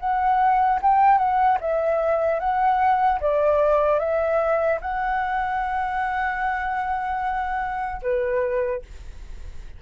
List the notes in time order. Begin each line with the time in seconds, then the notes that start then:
0.00 F#5
0.82 G5
1.18 F#5
1.61 E5
2.40 F#5
3.21 D5
4.00 E5
4.81 F#5
8.03 B4